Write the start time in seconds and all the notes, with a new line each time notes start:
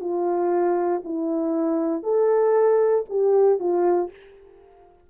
0.00 F4
1.04 E4
2.03 A4
3.09 G4
3.59 F4